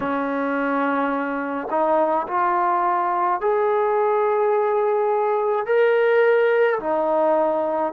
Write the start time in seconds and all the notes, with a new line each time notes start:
0.00 C#4
1.70 D#4
2.27 F4
3.40 G#4
5.66 A#4
6.79 D#4